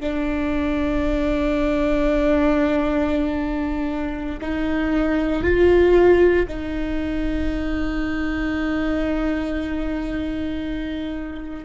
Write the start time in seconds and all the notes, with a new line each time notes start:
0.00 D4
4.41 D#4
5.43 F4
6.47 D#4